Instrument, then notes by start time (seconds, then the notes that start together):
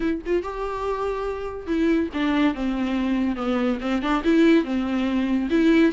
viola
0.00 E4
0.26 F4
0.42 G4
1.66 E4
2.13 D4
2.54 C4
3.36 B3
3.80 C4
4.01 D4
4.24 E4
4.64 C4
5.49 E4